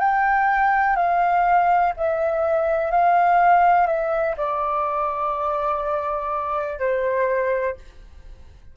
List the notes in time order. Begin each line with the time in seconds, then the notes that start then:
0.00 G5
0.96 F5
1.97 E5
2.92 F5
3.87 E5
4.37 D5
6.79 C5